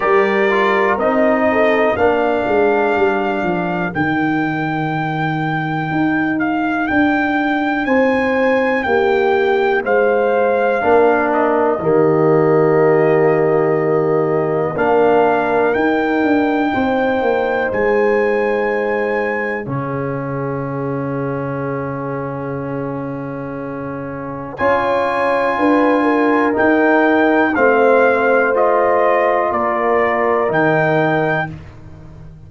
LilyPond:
<<
  \new Staff \with { instrumentName = "trumpet" } { \time 4/4 \tempo 4 = 61 d''4 dis''4 f''2 | g''2~ g''8 f''8 g''4 | gis''4 g''4 f''4. dis''8~ | dis''2. f''4 |
g''2 gis''2 | f''1~ | f''4 gis''2 g''4 | f''4 dis''4 d''4 g''4 | }
  \new Staff \with { instrumentName = "horn" } { \time 4/4 ais'4. a'8 ais'2~ | ais'1 | c''4 g'4 c''4 ais'4 | g'2. ais'4~ |
ais'4 c''2. | gis'1~ | gis'4 cis''4 b'8 ais'4. | c''2 ais'2 | }
  \new Staff \with { instrumentName = "trombone" } { \time 4/4 g'8 f'8 dis'4 d'2 | dis'1~ | dis'2. d'4 | ais2. d'4 |
dis'1 | cis'1~ | cis'4 f'2 dis'4 | c'4 f'2 dis'4 | }
  \new Staff \with { instrumentName = "tuba" } { \time 4/4 g4 c'4 ais8 gis8 g8 f8 | dis2 dis'4 d'4 | c'4 ais4 gis4 ais4 | dis2. ais4 |
dis'8 d'8 c'8 ais8 gis2 | cis1~ | cis4 cis'4 d'4 dis'4 | a2 ais4 dis4 | }
>>